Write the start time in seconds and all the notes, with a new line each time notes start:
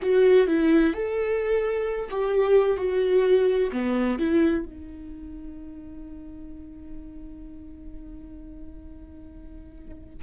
0.02 F#4
0.47 E4
0.93 A4
2.10 G4
2.77 F#4
3.72 B3
4.18 E4
4.65 D#4